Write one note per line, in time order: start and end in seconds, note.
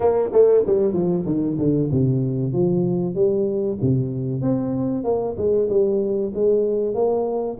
0.00 0.29 A#3
0.32 0.63 A3
0.66 0.93 G3
0.93 1.25 F3
1.25 1.57 D#3
1.58 1.89 D3
1.91 2.52 C3
2.52 3.14 F3
3.14 3.77 G3
3.81 4.41 C3
4.41 5.04 C4
5.04 5.35 A#3
5.37 5.68 G#3
5.69 6.32 G3
6.34 6.94 G#3
6.94 7.57 A#3